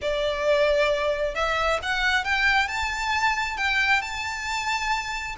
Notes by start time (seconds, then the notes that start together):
0.01 D5
1.35 E5
1.82 F#5
2.24 G5
2.68 A5
3.57 G5
4.01 A5